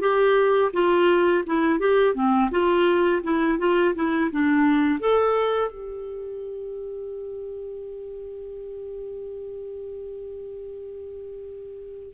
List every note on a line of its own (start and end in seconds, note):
0.00 0.71 G4
0.73 1.44 F4
1.46 1.79 E4
1.79 2.14 G4
2.14 2.50 C4
2.51 3.22 F4
3.23 3.58 E4
3.58 3.94 F4
3.95 4.31 E4
4.31 5.00 D4
5.00 5.71 A4
5.71 12.14 G4